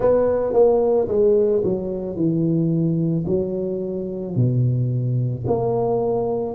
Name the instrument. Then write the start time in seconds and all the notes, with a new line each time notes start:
tuba
0.00 B3
0.53 A#3
1.08 G#3
1.64 F#3
2.15 E3
3.26 F#3
4.35 B2
5.46 A#3